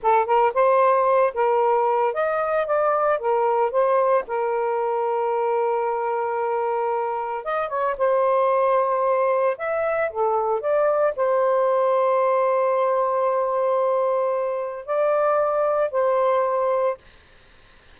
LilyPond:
\new Staff \with { instrumentName = "saxophone" } { \time 4/4 \tempo 4 = 113 a'8 ais'8 c''4. ais'4. | dis''4 d''4 ais'4 c''4 | ais'1~ | ais'2 dis''8 cis''8 c''4~ |
c''2 e''4 a'4 | d''4 c''2.~ | c''1 | d''2 c''2 | }